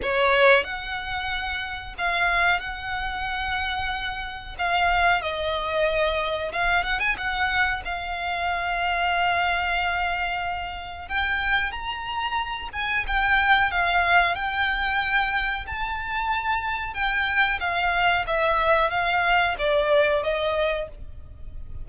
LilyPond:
\new Staff \with { instrumentName = "violin" } { \time 4/4 \tempo 4 = 92 cis''4 fis''2 f''4 | fis''2. f''4 | dis''2 f''8 fis''16 gis''16 fis''4 | f''1~ |
f''4 g''4 ais''4. gis''8 | g''4 f''4 g''2 | a''2 g''4 f''4 | e''4 f''4 d''4 dis''4 | }